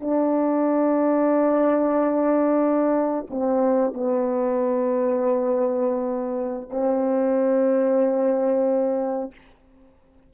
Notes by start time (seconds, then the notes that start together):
0.00 D4
3.30 C4
3.93 B3
6.70 C4